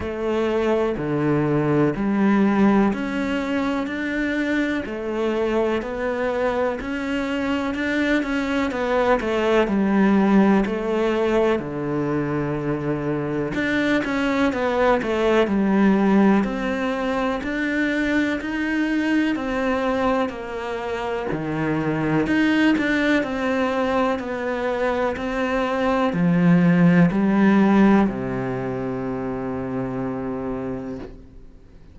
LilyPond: \new Staff \with { instrumentName = "cello" } { \time 4/4 \tempo 4 = 62 a4 d4 g4 cis'4 | d'4 a4 b4 cis'4 | d'8 cis'8 b8 a8 g4 a4 | d2 d'8 cis'8 b8 a8 |
g4 c'4 d'4 dis'4 | c'4 ais4 dis4 dis'8 d'8 | c'4 b4 c'4 f4 | g4 c2. | }